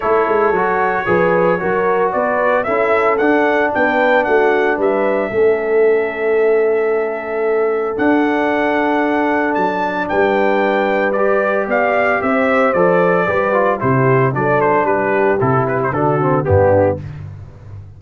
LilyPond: <<
  \new Staff \with { instrumentName = "trumpet" } { \time 4/4 \tempo 4 = 113 cis''1 | d''4 e''4 fis''4 g''4 | fis''4 e''2.~ | e''2. fis''4~ |
fis''2 a''4 g''4~ | g''4 d''4 f''4 e''4 | d''2 c''4 d''8 c''8 | b'4 a'8 b'16 c''16 a'4 g'4 | }
  \new Staff \with { instrumentName = "horn" } { \time 4/4 a'2 b'4 ais'4 | b'4 a'2 b'4 | fis'4 b'4 a'2~ | a'1~ |
a'2. b'4~ | b'2 d''4 c''4~ | c''4 b'4 g'4 a'4 | g'2 fis'4 d'4 | }
  \new Staff \with { instrumentName = "trombone" } { \time 4/4 e'4 fis'4 gis'4 fis'4~ | fis'4 e'4 d'2~ | d'2 cis'2~ | cis'2. d'4~ |
d'1~ | d'4 g'2. | a'4 g'8 f'8 e'4 d'4~ | d'4 e'4 d'8 c'8 b4 | }
  \new Staff \with { instrumentName = "tuba" } { \time 4/4 a8 gis8 fis4 f4 fis4 | b4 cis'4 d'4 b4 | a4 g4 a2~ | a2. d'4~ |
d'2 fis4 g4~ | g2 b4 c'4 | f4 g4 c4 fis4 | g4 c4 d4 g,4 | }
>>